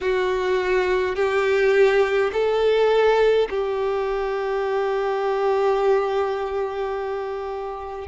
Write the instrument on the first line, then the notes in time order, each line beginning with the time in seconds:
violin
0.00 F#4
1.15 G4
2.32 A4
3.49 G4